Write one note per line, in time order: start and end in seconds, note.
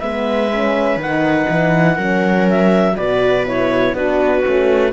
0.00 0.96 G#3
0.00 0.51 B3
0.00 1.95 B4
0.00 0.98 E5
0.51 1.00 C#4
0.96 1.45 D#3
0.96 1.97 D#4
0.96 2.49 F#5
1.49 1.98 E3
1.95 2.96 F#3
1.95 2.95 C#4
1.95 2.94 A#4
2.49 2.97 E5
2.97 3.93 B2
2.97 3.46 F#4
2.97 3.95 B4
2.97 3.46 D5
3.46 3.95 E4
3.46 3.95 C#5
3.93 4.42 B3
3.93 4.42 D4
3.93 4.93 F#4
3.93 4.93 B4
4.42 4.93 A3
4.42 4.92 C#4